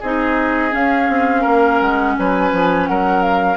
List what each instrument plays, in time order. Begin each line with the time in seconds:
0.00 bassoon C4, clarinet D#4, oboe G#4, flute D#5
0.71 clarinet C#4, bassoon C#4, flute F5
1.09 bassoon C4
1.42 bassoon A#3, oboe A#4
1.81 bassoon G#3, flute F#5
2.19 bassoon F#3, oboe B4, flute G#5
2.53 bassoon F3
2.88 bassoon F#3, oboe A#4, flute F#5
3.22 flute F5